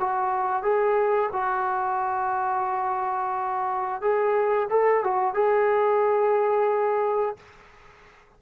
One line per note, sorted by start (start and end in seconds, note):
0.00 0.63 F#4
0.63 1.30 G#4
1.33 4.01 F#4
4.01 4.69 G#4
4.70 5.04 A4
5.04 5.35 F#4
5.35 7.37 G#4